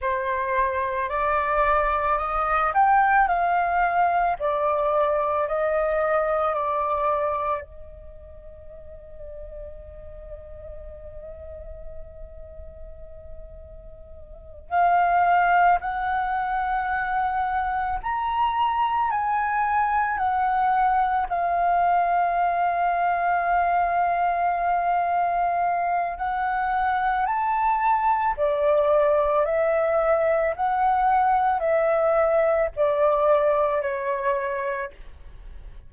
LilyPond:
\new Staff \with { instrumentName = "flute" } { \time 4/4 \tempo 4 = 55 c''4 d''4 dis''8 g''8 f''4 | d''4 dis''4 d''4 dis''4~ | dis''1~ | dis''4. f''4 fis''4.~ |
fis''8 ais''4 gis''4 fis''4 f''8~ | f''1 | fis''4 a''4 d''4 e''4 | fis''4 e''4 d''4 cis''4 | }